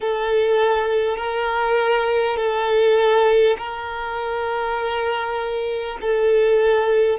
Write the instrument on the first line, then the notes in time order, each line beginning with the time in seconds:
violin
0.01 A4
1.17 A#4
2.37 A4
3.58 A#4
6.01 A4